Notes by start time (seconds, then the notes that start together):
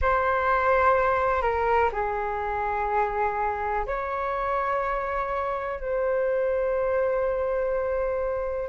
0.01 C5
1.42 A#4
1.92 G#4
3.86 C#5
5.79 C5